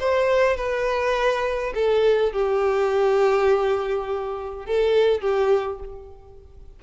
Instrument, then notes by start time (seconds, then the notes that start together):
violin
0.00 C5
0.57 B4
1.75 A4
2.33 G4
4.66 A4
5.21 G4